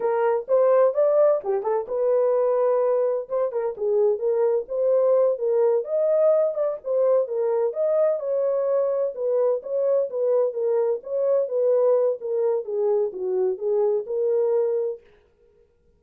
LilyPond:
\new Staff \with { instrumentName = "horn" } { \time 4/4 \tempo 4 = 128 ais'4 c''4 d''4 g'8 a'8 | b'2. c''8 ais'8 | gis'4 ais'4 c''4. ais'8~ | ais'8 dis''4. d''8 c''4 ais'8~ |
ais'8 dis''4 cis''2 b'8~ | b'8 cis''4 b'4 ais'4 cis''8~ | cis''8 b'4. ais'4 gis'4 | fis'4 gis'4 ais'2 | }